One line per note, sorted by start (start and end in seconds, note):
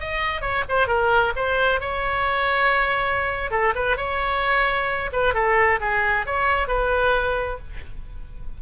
0.00 0.41 D#5
0.41 0.64 C#5
0.69 0.87 C5
0.87 1.33 A#4
1.36 1.80 C5
1.80 3.51 C#5
3.51 3.74 A4
3.75 3.97 B4
3.97 5.10 C#5
5.13 5.34 B4
5.34 5.80 A4
5.80 6.26 G#4
6.26 6.68 C#5
6.68 7.59 B4